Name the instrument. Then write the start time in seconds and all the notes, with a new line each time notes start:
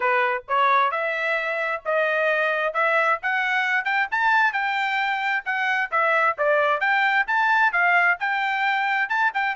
trumpet
0.00 B4
0.48 C#5
0.91 E5
1.85 D#5
2.73 E5
3.22 F#5
3.85 G5
4.11 A5
4.52 G5
5.45 F#5
5.91 E5
6.37 D5
6.80 G5
7.27 A5
7.72 F5
8.19 G5
9.09 A5
9.34 G5